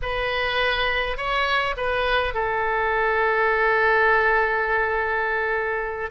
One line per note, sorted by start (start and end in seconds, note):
0.02 1.17 B4
1.17 1.75 C#5
1.76 2.34 B4
2.34 6.10 A4